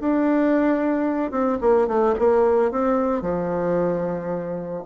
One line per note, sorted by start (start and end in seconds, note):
0.00 1.31 D4
1.31 1.58 C4
1.61 1.88 A#3
1.88 2.15 A3
2.19 2.71 A#3
2.71 3.22 C4
3.22 4.84 F3